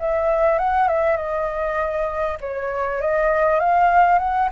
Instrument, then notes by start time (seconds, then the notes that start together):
flute
0.00 E5
0.58 F#5
0.88 E5
1.17 D#5
2.41 C#5
3.01 D#5
3.60 F5
4.19 F#5